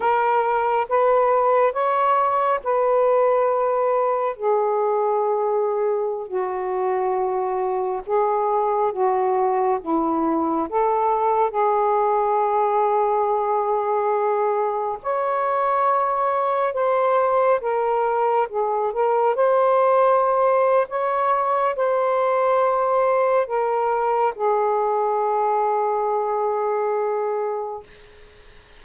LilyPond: \new Staff \with { instrumentName = "saxophone" } { \time 4/4 \tempo 4 = 69 ais'4 b'4 cis''4 b'4~ | b'4 gis'2~ gis'16 fis'8.~ | fis'4~ fis'16 gis'4 fis'4 e'8.~ | e'16 a'4 gis'2~ gis'8.~ |
gis'4~ gis'16 cis''2 c''8.~ | c''16 ais'4 gis'8 ais'8 c''4.~ c''16 | cis''4 c''2 ais'4 | gis'1 | }